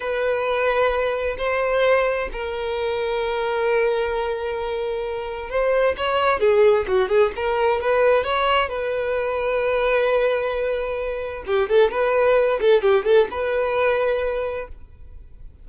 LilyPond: \new Staff \with { instrumentName = "violin" } { \time 4/4 \tempo 4 = 131 b'2. c''4~ | c''4 ais'2.~ | ais'1 | c''4 cis''4 gis'4 fis'8 gis'8 |
ais'4 b'4 cis''4 b'4~ | b'1~ | b'4 g'8 a'8 b'4. a'8 | g'8 a'8 b'2. | }